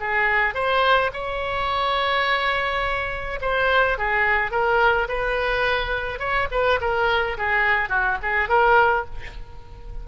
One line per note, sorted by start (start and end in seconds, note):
0.00 0.54 G#4
0.54 1.11 C5
1.13 3.40 C#5
3.41 3.98 C5
3.98 4.51 G#4
4.51 5.08 A#4
5.08 6.19 B4
6.19 6.48 C#5
6.51 6.80 B4
6.81 7.37 A#4
7.38 7.89 G#4
7.89 8.18 F#4
8.22 8.49 G#4
8.49 9.05 A#4